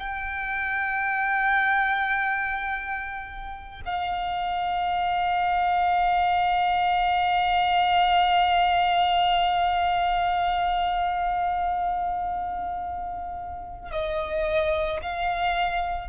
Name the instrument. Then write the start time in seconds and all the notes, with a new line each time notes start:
violin
0.00 G5
3.86 F5
13.91 D#5
15.02 F5